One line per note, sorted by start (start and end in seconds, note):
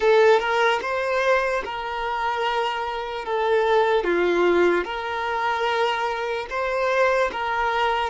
0.00 0.39 A4
0.39 0.80 A#4
0.81 1.63 C5
1.64 3.25 A#4
3.25 4.04 A4
4.04 4.84 F4
4.84 6.46 A#4
6.49 7.30 C5
7.32 8.10 A#4